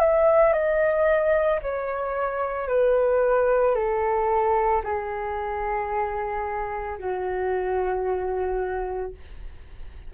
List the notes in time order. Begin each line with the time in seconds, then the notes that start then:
0.00 E5
0.53 D#5
1.62 C#5
2.68 B4
3.75 A4
4.84 G#4
6.98 F#4